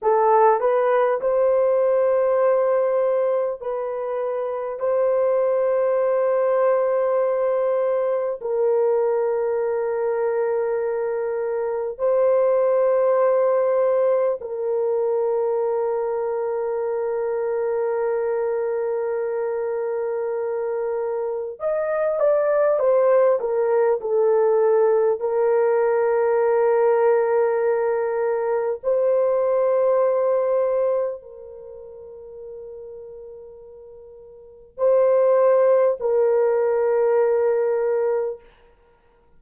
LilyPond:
\new Staff \with { instrumentName = "horn" } { \time 4/4 \tempo 4 = 50 a'8 b'8 c''2 b'4 | c''2. ais'4~ | ais'2 c''2 | ais'1~ |
ais'2 dis''8 d''8 c''8 ais'8 | a'4 ais'2. | c''2 ais'2~ | ais'4 c''4 ais'2 | }